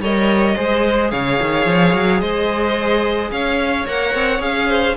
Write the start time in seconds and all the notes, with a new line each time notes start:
0.00 G3 A#4 C#5 D#5
0.56 G#3 G#4 C5
1.10 C#3 C#5 F5
1.42 D#3
1.66 F3
1.93 F#3
2.20 G#3 C5 D#5
3.31 C#4 C#5 F5
3.86 A#3 A#4 F#5
4.14 C4
4.39 C#4 G#4 F5
4.68 C5